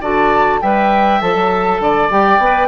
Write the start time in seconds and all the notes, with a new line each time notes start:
0.00 D3 F#4 D5 A5
0.61 G3 B4 E5 G5
1.20 F3 A4 A5
1.35 F#3
1.79 D3 D5
2.10 G3 G4 G5
2.38 B3 B4